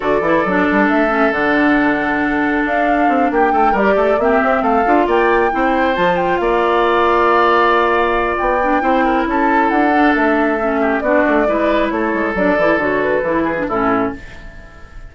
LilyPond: <<
  \new Staff \with { instrumentName = "flute" } { \time 4/4 \tempo 4 = 136 d''2 e''4 fis''4~ | fis''2 f''4. g''8~ | g''8 d''4 e''4 f''4 g''8~ | g''4. a''8 g''8 f''4.~ |
f''2. g''4~ | g''4 a''4 fis''4 e''4~ | e''4 d''2 cis''4 | d''4 cis''8 b'4. a'4 | }
  \new Staff \with { instrumentName = "oboe" } { \time 4/4 a'1~ | a'2.~ a'8 g'8 | a'8 ais'8 a'8 g'4 a'4 d''8~ | d''8 c''2 d''4.~ |
d''1 | c''8 ais'8 a'2.~ | a'8 g'8 fis'4 b'4 a'4~ | a'2~ a'8 gis'8 e'4 | }
  \new Staff \with { instrumentName = "clarinet" } { \time 4/4 fis'8 e'8 d'4. cis'8 d'4~ | d'1~ | d'8 g'4 c'4. f'4~ | f'8 e'4 f'2~ f'8~ |
f'2.~ f'8 d'8 | e'2~ e'8 d'4. | cis'4 d'4 e'2 | d'8 e'8 fis'4 e'8. d'16 cis'4 | }
  \new Staff \with { instrumentName = "bassoon" } { \time 4/4 d8 e8 fis8 g8 a4 d4~ | d2 d'4 c'8 ais8 | a8 g8 a8 ais8 c'8 a8 d'8 ais8~ | ais8 c'4 f4 ais4.~ |
ais2. b4 | c'4 cis'4 d'4 a4~ | a4 b8 a8 gis4 a8 gis8 | fis8 e8 d4 e4 a,4 | }
>>